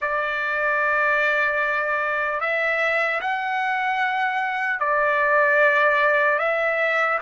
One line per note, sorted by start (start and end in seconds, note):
0.01 2.40 D5
2.40 3.20 E5
3.20 4.79 F#5
4.79 6.38 D5
6.38 7.18 E5